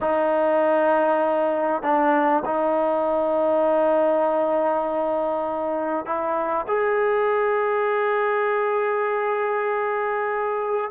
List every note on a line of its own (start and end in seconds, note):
0.00 1.82 D#4
1.82 2.43 D4
2.45 6.05 D#4
6.05 6.66 E4
6.67 10.91 G#4